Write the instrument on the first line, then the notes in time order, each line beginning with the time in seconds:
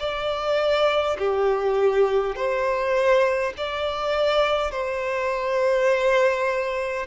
violin
0.00 D5
1.19 G4
2.36 C5
3.58 D5
4.72 C5